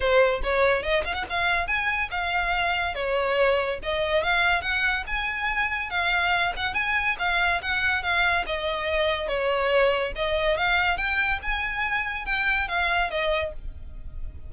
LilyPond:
\new Staff \with { instrumentName = "violin" } { \time 4/4 \tempo 4 = 142 c''4 cis''4 dis''8 f''16 fis''16 f''4 | gis''4 f''2 cis''4~ | cis''4 dis''4 f''4 fis''4 | gis''2 f''4. fis''8 |
gis''4 f''4 fis''4 f''4 | dis''2 cis''2 | dis''4 f''4 g''4 gis''4~ | gis''4 g''4 f''4 dis''4 | }